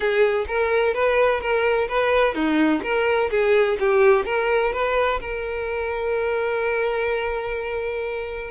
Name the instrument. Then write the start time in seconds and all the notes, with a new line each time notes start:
violin
0.00 G#4
0.47 A#4
0.94 B4
1.40 A#4
1.88 B4
2.34 D#4
2.82 A#4
3.30 G#4
3.79 G4
4.25 A#4
4.72 B4
5.20 A#4